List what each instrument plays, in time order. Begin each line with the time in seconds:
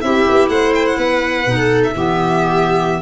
0.00 tuba C4, clarinet E4, viola G4, violin E5
0.29 tuba B3
0.48 tuba A3, viola C5, violin F#5
0.74 violin G5
0.85 violin F#5
0.97 tuba B3, viola B4
1.46 tuba B2, clarinet D#4
1.56 viola A4
1.83 violin E5
1.94 tuba E3, clarinet B3, viola G4